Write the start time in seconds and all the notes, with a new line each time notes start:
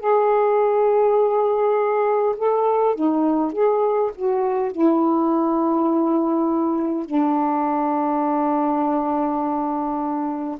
0.00 G#4
2.37 A4
2.96 D#4
3.53 G#4
4.16 F#4
4.72 E4
7.06 D4